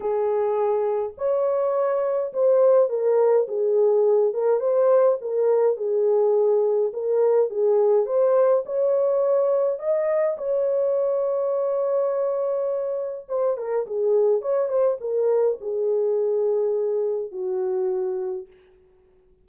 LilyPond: \new Staff \with { instrumentName = "horn" } { \time 4/4 \tempo 4 = 104 gis'2 cis''2 | c''4 ais'4 gis'4. ais'8 | c''4 ais'4 gis'2 | ais'4 gis'4 c''4 cis''4~ |
cis''4 dis''4 cis''2~ | cis''2. c''8 ais'8 | gis'4 cis''8 c''8 ais'4 gis'4~ | gis'2 fis'2 | }